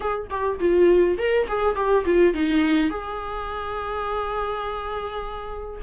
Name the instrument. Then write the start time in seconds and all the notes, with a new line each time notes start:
viola
0.00 G#4
0.30 G4
0.59 F4
1.18 A#4
1.47 G#4
1.75 G4
2.05 F4
2.34 D#4
2.90 G#4